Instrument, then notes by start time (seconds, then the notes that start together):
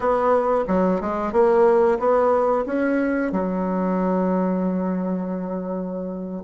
bassoon
0.00 B3
0.67 F#3
1.00 G#3
1.32 A#3
1.99 B3
2.66 C#4
3.31 F#3